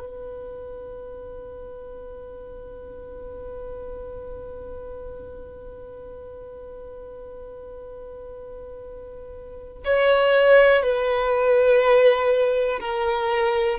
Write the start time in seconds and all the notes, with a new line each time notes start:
0.00 B4
9.85 C#5
10.83 B4
12.80 A#4